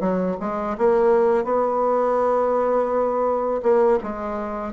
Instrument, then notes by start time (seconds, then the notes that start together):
bassoon
0.00 F#3
0.40 G#3
0.78 A#3
1.44 B3
3.62 A#3
4.03 G#3